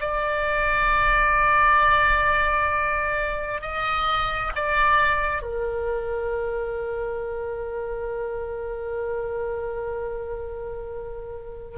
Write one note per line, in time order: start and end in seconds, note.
0.00 3.61 D5
3.61 4.52 D#5
4.55 5.42 D5
5.42 11.78 A#4